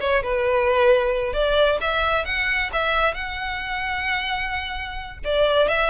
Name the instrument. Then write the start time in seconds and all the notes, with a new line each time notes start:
violin
0.00 C#5
0.23 B4
1.33 D5
1.81 E5
2.25 F#5
2.73 E5
3.14 F#5
5.24 D5
5.68 E5